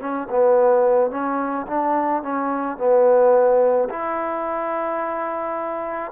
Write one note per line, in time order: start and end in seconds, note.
0.00 0.28 C#4
0.30 1.11 B3
1.11 1.66 C#4
1.67 2.23 D4
2.23 2.78 C#4
2.78 3.89 B3
3.89 6.12 E4